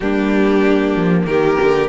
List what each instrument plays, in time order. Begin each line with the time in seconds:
0.00 cello G3, viola A#3, violin D4 G4
0.96 cello F3
1.26 cello D#3, violin G4 A#4
1.61 cello D3